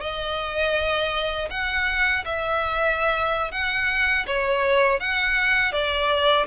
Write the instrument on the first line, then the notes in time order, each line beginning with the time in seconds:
violin
0.00 D#5
1.50 F#5
2.25 E5
3.51 F#5
4.26 C#5
5.00 F#5
5.72 D5